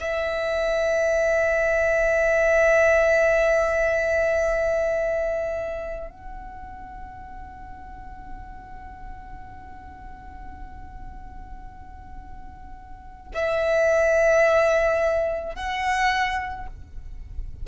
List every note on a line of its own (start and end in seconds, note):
0.00 6.10 E5
6.10 13.32 F#5
13.34 15.56 E5
15.56 16.67 F#5